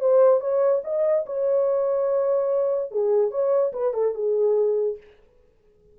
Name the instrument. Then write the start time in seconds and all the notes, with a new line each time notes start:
horn
0.00 C5
0.40 C#5
0.84 D#5
1.26 C#5
2.91 G#4
3.31 C#5
3.73 B4
3.94 A4
4.15 G#4